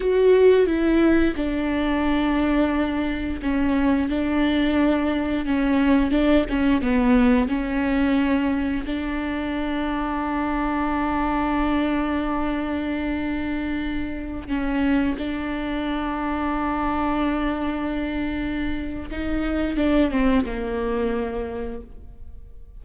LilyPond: \new Staff \with { instrumentName = "viola" } { \time 4/4 \tempo 4 = 88 fis'4 e'4 d'2~ | d'4 cis'4 d'2 | cis'4 d'8 cis'8 b4 cis'4~ | cis'4 d'2.~ |
d'1~ | d'4~ d'16 cis'4 d'4.~ d'16~ | d'1 | dis'4 d'8 c'8 ais2 | }